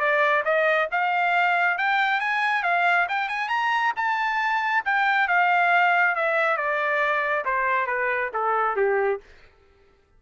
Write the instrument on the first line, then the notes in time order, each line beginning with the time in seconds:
trumpet
0.00 D5
0.45 D#5
0.92 F5
1.78 G5
2.21 G#5
2.64 F5
3.09 G5
3.29 G#5
3.49 A#5
3.97 A5
4.85 G5
5.28 F5
6.16 E5
6.58 D5
7.45 C5
7.87 B4
8.34 A4
8.77 G4